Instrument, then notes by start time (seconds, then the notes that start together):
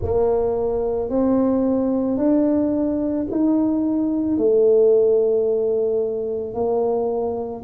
tuba
0.02 A#3
1.09 C4
2.17 D4
3.30 D#4
4.37 A3
6.54 A#3